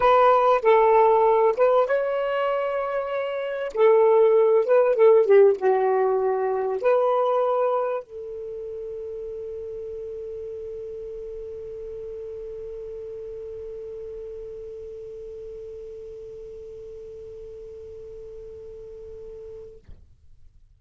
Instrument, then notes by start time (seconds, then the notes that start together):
saxophone
0.00 B4
0.62 A4
1.56 B4
1.86 C#5
3.74 A4
4.65 B4
4.95 A4
5.25 G4
5.58 F#4
6.81 B4
8.03 A4